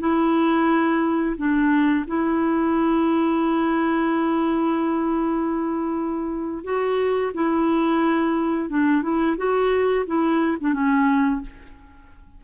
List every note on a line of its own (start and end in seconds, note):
0.00 1.36 E4
1.37 2.05 D4
2.08 6.64 E4
6.64 7.33 F#4
7.35 8.70 E4
8.70 9.03 D4
9.03 9.37 E4
9.38 10.06 F#4
10.07 10.58 E4
10.61 10.74 D4
10.74 11.42 C#4